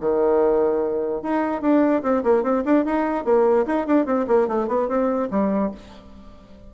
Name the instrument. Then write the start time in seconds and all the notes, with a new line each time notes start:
bassoon
0.00 D#3
1.22 D#4
1.61 D4
2.02 C4
2.23 A#3
2.43 C4
2.65 D4
2.85 D#4
3.24 A#3
3.66 D#4
3.86 D4
4.06 C4
4.27 A#3
4.47 A3
4.68 B3
4.88 C4
5.30 G3